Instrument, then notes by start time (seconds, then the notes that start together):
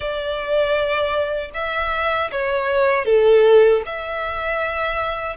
violin
0.00 D5
1.53 E5
2.31 C#5
3.05 A4
3.85 E5